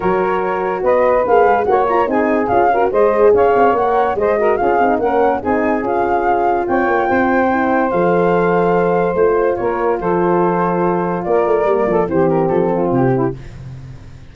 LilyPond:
<<
  \new Staff \with { instrumentName = "flute" } { \time 4/4 \tempo 4 = 144 cis''2 dis''4 f''4 | fis''8 ais''8 gis''4 f''4 dis''4 | f''4 fis''4 dis''4 f''4 | fis''4 gis''4 f''2 |
g''2. f''4~ | f''2 c''4 cis''4 | c''2. d''4~ | d''4 c''8 ais'8 a'4 g'4 | }
  \new Staff \with { instrumentName = "saxophone" } { \time 4/4 ais'2 b'2 | cis''4 gis'4. ais'8 c''4 | cis''2 c''8 ais'8 gis'4 | ais'4 gis'2. |
cis''4 c''2.~ | c''2. ais'4 | a'2. ais'4~ | ais'8 a'8 g'4. f'4 e'8 | }
  \new Staff \with { instrumentName = "horn" } { \time 4/4 fis'2. gis'4 | fis'8 f'8 dis'4 f'8 fis'8 gis'4~ | gis'4 ais'4 gis'8 fis'8 f'8 dis'8 | cis'4 dis'4 f'2~ |
f'2 e'4 a'4~ | a'2 f'2~ | f'1 | ais4 c'2. | }
  \new Staff \with { instrumentName = "tuba" } { \time 4/4 fis2 b4 ais8 gis8 | ais4 c'4 cis'4 gis4 | cis'8 c'8 ais4 gis4 cis'8 c'8 | ais4 c'4 cis'2 |
c'8 ais8 c'2 f4~ | f2 a4 ais4 | f2. ais8 a8 | g8 f8 e4 f4 c4 | }
>>